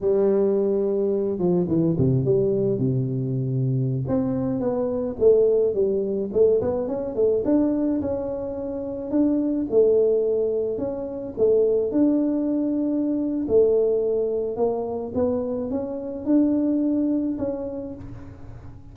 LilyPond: \new Staff \with { instrumentName = "tuba" } { \time 4/4 \tempo 4 = 107 g2~ g8 f8 e8 c8 | g4 c2~ c16 c'8.~ | c'16 b4 a4 g4 a8 b16~ | b16 cis'8 a8 d'4 cis'4.~ cis'16~ |
cis'16 d'4 a2 cis'8.~ | cis'16 a4 d'2~ d'8. | a2 ais4 b4 | cis'4 d'2 cis'4 | }